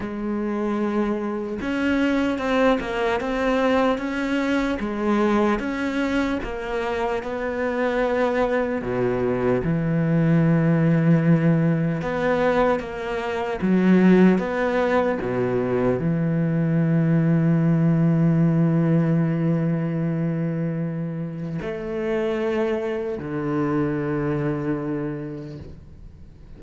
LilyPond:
\new Staff \with { instrumentName = "cello" } { \time 4/4 \tempo 4 = 75 gis2 cis'4 c'8 ais8 | c'4 cis'4 gis4 cis'4 | ais4 b2 b,4 | e2. b4 |
ais4 fis4 b4 b,4 | e1~ | e2. a4~ | a4 d2. | }